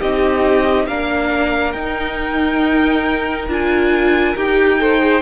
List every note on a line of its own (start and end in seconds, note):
0.00 0.88 C4
0.00 0.89 D#4
0.00 0.87 G4
0.00 0.87 D#5
0.87 1.74 A#3
0.87 1.76 D4
0.87 4.81 A#4
0.87 1.73 F5
1.73 3.48 D#4
1.73 3.49 D#4
1.73 3.47 G5
3.48 4.35 D4
3.48 4.36 F4
3.48 4.37 G#5
4.36 5.22 D#4
4.36 4.80 G4
4.36 5.22 G5
4.80 5.00 A4
4.80 5.22 C5
5.00 5.22 G#4